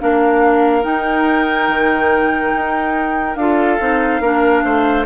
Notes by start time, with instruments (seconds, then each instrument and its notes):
0.00 bassoon A#3, clarinet D4, oboe A#4, flute F5
0.82 clarinet D#4, bassoon D#4, flute G5
1.68 bassoon D#3
2.55 bassoon D#4
3.36 bassoon D4, clarinet F4, oboe A4, flute F5
3.80 bassoon C4, clarinet D#4
4.20 bassoon A#3, clarinet D4, oboe A#4
4.64 bassoon A3, oboe C5